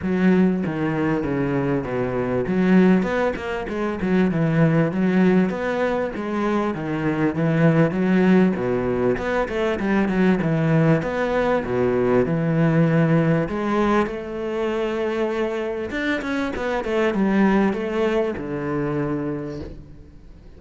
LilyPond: \new Staff \with { instrumentName = "cello" } { \time 4/4 \tempo 4 = 98 fis4 dis4 cis4 b,4 | fis4 b8 ais8 gis8 fis8 e4 | fis4 b4 gis4 dis4 | e4 fis4 b,4 b8 a8 |
g8 fis8 e4 b4 b,4 | e2 gis4 a4~ | a2 d'8 cis'8 b8 a8 | g4 a4 d2 | }